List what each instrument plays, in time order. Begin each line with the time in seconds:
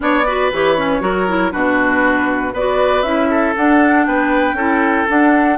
0.00 bassoon B3, clarinet D4, oboe C#5, flute D5
0.25 clarinet F#4, oboe B4
0.52 bassoon E3, clarinet G4, flute C#5
0.77 clarinet C#4
1.00 bassoon F#3, clarinet F#4, oboe A#4
1.27 clarinet E4
1.51 bassoon B2, clarinet D4, oboe F#4, flute B4
2.53 bassoon B3, clarinet F#4, oboe B4, flute D5
3.02 bassoon C#4, clarinet E4, flute E5
3.30 oboe A4
3.56 clarinet D4, bassoon D4, flute F#5
4.05 bassoon B3, oboe B4, flute G5
4.53 bassoon C#4, clarinet E4, oboe A4
5.07 clarinet D4, bassoon D4, flute F#5